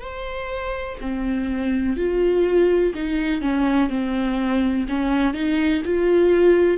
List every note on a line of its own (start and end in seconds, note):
0.00 0.97 C5
1.00 1.96 C4
1.96 2.93 F4
2.94 3.41 D#4
3.41 3.89 C#4
3.89 4.86 C4
4.89 5.34 C#4
5.34 5.82 D#4
5.85 6.77 F4